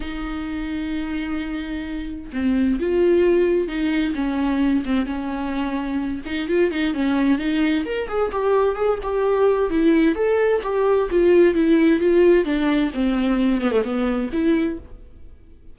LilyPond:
\new Staff \with { instrumentName = "viola" } { \time 4/4 \tempo 4 = 130 dis'1~ | dis'4 c'4 f'2 | dis'4 cis'4. c'8 cis'4~ | cis'4. dis'8 f'8 dis'8 cis'4 |
dis'4 ais'8 gis'8 g'4 gis'8 g'8~ | g'4 e'4 a'4 g'4 | f'4 e'4 f'4 d'4 | c'4. b16 a16 b4 e'4 | }